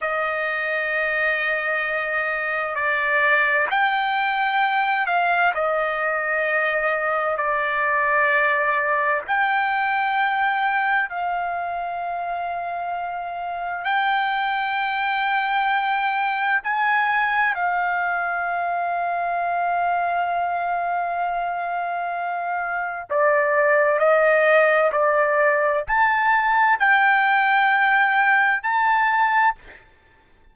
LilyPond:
\new Staff \with { instrumentName = "trumpet" } { \time 4/4 \tempo 4 = 65 dis''2. d''4 | g''4. f''8 dis''2 | d''2 g''2 | f''2. g''4~ |
g''2 gis''4 f''4~ | f''1~ | f''4 d''4 dis''4 d''4 | a''4 g''2 a''4 | }